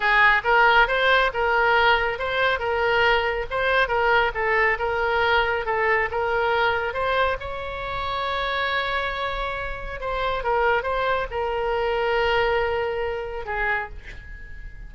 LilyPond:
\new Staff \with { instrumentName = "oboe" } { \time 4/4 \tempo 4 = 138 gis'4 ais'4 c''4 ais'4~ | ais'4 c''4 ais'2 | c''4 ais'4 a'4 ais'4~ | ais'4 a'4 ais'2 |
c''4 cis''2.~ | cis''2. c''4 | ais'4 c''4 ais'2~ | ais'2. gis'4 | }